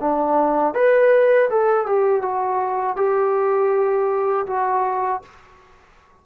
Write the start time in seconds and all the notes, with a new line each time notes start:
0.00 D4
0.74 B4
1.50 A4
1.86 G4
2.22 F#4
2.96 G4
4.47 F#4